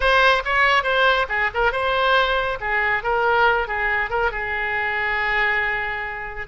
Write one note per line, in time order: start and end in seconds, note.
0.00 0.42 C5
0.45 0.83 C#5
0.83 1.26 C5
1.28 1.50 G#4
1.54 1.72 A#4
1.72 2.58 C5
2.60 3.03 G#4
3.03 3.67 A#4
3.67 4.09 G#4
4.09 4.31 A#4
4.31 6.47 G#4